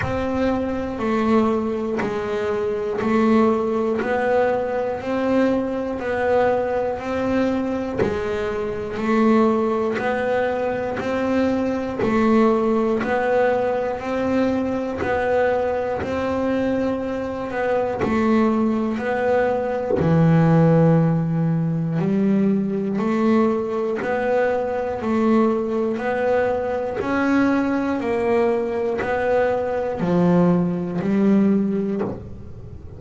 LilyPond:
\new Staff \with { instrumentName = "double bass" } { \time 4/4 \tempo 4 = 60 c'4 a4 gis4 a4 | b4 c'4 b4 c'4 | gis4 a4 b4 c'4 | a4 b4 c'4 b4 |
c'4. b8 a4 b4 | e2 g4 a4 | b4 a4 b4 cis'4 | ais4 b4 f4 g4 | }